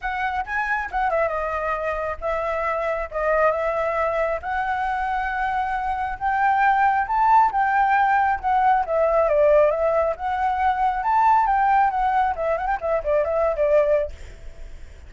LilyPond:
\new Staff \with { instrumentName = "flute" } { \time 4/4 \tempo 4 = 136 fis''4 gis''4 fis''8 e''8 dis''4~ | dis''4 e''2 dis''4 | e''2 fis''2~ | fis''2 g''2 |
a''4 g''2 fis''4 | e''4 d''4 e''4 fis''4~ | fis''4 a''4 g''4 fis''4 | e''8 fis''16 g''16 e''8 d''8 e''8. d''4~ d''16 | }